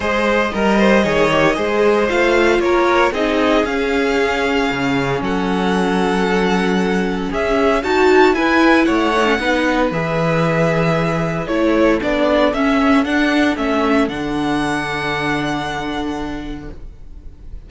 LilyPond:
<<
  \new Staff \with { instrumentName = "violin" } { \time 4/4 \tempo 4 = 115 dis''1 | f''4 cis''4 dis''4 f''4~ | f''2 fis''2~ | fis''2 e''4 a''4 |
gis''4 fis''2 e''4~ | e''2 cis''4 d''4 | e''4 fis''4 e''4 fis''4~ | fis''1 | }
  \new Staff \with { instrumentName = "violin" } { \time 4/4 c''4 ais'8 c''8 cis''4 c''4~ | c''4 ais'4 gis'2~ | gis'2 a'2~ | a'2 gis'4 fis'4 |
b'4 cis''4 b'2~ | b'2 a'2~ | a'1~ | a'1 | }
  \new Staff \with { instrumentName = "viola" } { \time 4/4 gis'4 ais'4 gis'8 g'8 gis'4 | f'2 dis'4 cis'4~ | cis'1~ | cis'2. fis'4 |
e'4. dis'16 cis'16 dis'4 gis'4~ | gis'2 e'4 d'4 | cis'4 d'4 cis'4 d'4~ | d'1 | }
  \new Staff \with { instrumentName = "cello" } { \time 4/4 gis4 g4 dis4 gis4 | a4 ais4 c'4 cis'4~ | cis'4 cis4 fis2~ | fis2 cis'4 dis'4 |
e'4 a4 b4 e4~ | e2 a4 b4 | cis'4 d'4 a4 d4~ | d1 | }
>>